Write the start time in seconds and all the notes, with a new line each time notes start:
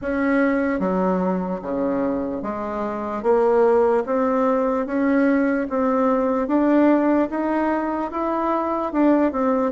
0.01 C#4
0.79 F#3
1.62 C#3
2.42 G#3
3.22 A#3
4.05 C4
4.86 C#4
5.69 C4
6.47 D4
7.30 D#4
8.11 E4
8.92 D4
9.31 C4